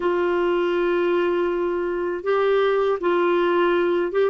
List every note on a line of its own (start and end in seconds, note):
0.00 2.23 F4
2.23 2.98 G4
3.00 4.11 F4
4.11 4.30 G4